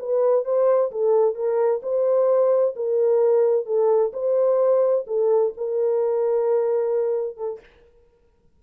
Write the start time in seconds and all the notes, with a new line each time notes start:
0.00 B4
0.45 C5
0.92 A4
1.35 A#4
1.83 C5
2.76 A#4
3.66 A4
4.13 C5
5.07 A4
5.57 A#4
7.37 A4